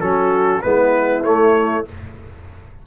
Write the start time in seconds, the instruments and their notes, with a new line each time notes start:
0.00 tuba F#3, trombone C#4, horn F#4, trumpet A4
0.61 tuba G#3, trombone B3, horn E4, trumpet B4
1.23 tuba A3, trombone A3, trumpet C#5